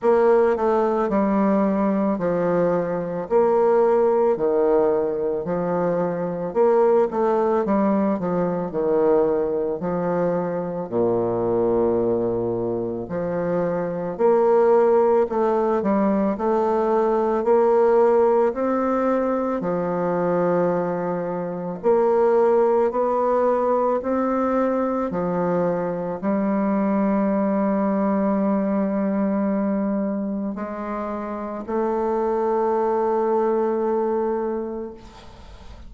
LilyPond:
\new Staff \with { instrumentName = "bassoon" } { \time 4/4 \tempo 4 = 55 ais8 a8 g4 f4 ais4 | dis4 f4 ais8 a8 g8 f8 | dis4 f4 ais,2 | f4 ais4 a8 g8 a4 |
ais4 c'4 f2 | ais4 b4 c'4 f4 | g1 | gis4 a2. | }